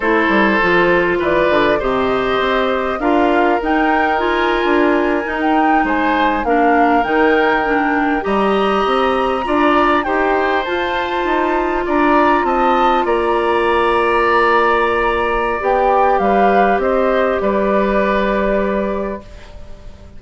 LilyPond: <<
  \new Staff \with { instrumentName = "flute" } { \time 4/4 \tempo 4 = 100 c''2 d''4 dis''4~ | dis''4 f''4 g''4 gis''4~ | gis''4 g''8. gis''4 f''4 g''16~ | g''4.~ g''16 ais''2~ ais''16~ |
ais''8. g''4 a''2 ais''16~ | ais''8. a''4 ais''2~ ais''16~ | ais''2 g''4 f''4 | dis''4 d''2. | }
  \new Staff \with { instrumentName = "oboe" } { \time 4/4 a'2 b'4 c''4~ | c''4 ais'2.~ | ais'4.~ ais'16 c''4 ais'4~ ais'16~ | ais'4.~ ais'16 dis''2 d''16~ |
d''8. c''2. d''16~ | d''8. dis''4 d''2~ d''16~ | d''2. b'4 | c''4 b'2. | }
  \new Staff \with { instrumentName = "clarinet" } { \time 4/4 e'4 f'2 g'4~ | g'4 f'4 dis'4 f'4~ | f'8. dis'2 d'4 dis'16~ | dis'8. d'4 g'2 f'16~ |
f'8. g'4 f'2~ f'16~ | f'1~ | f'2 g'2~ | g'1 | }
  \new Staff \with { instrumentName = "bassoon" } { \time 4/4 a8 g8 f4 e8 d8 c4 | c'4 d'4 dis'4.~ dis'16 d'16~ | d'8. dis'4 gis4 ais4 dis16~ | dis4.~ dis16 g4 c'4 d'16~ |
d'8. dis'4 f'4 dis'4 d'16~ | d'8. c'4 ais2~ ais16~ | ais2 b4 g4 | c'4 g2. | }
>>